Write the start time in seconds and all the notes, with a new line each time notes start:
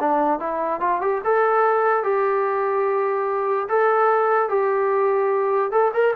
0.00 D4
0.40 E4
0.80 F4
1.01 G4
1.24 A4
2.04 G4
3.69 A4
4.49 G4
5.71 A4
5.94 A#4